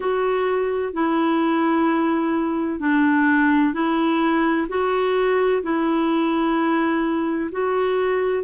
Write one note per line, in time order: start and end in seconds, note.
0.00 0.93 F#4
0.93 2.79 E4
2.79 3.73 D4
3.73 4.67 E4
4.68 5.62 F#4
5.62 7.50 E4
7.51 8.43 F#4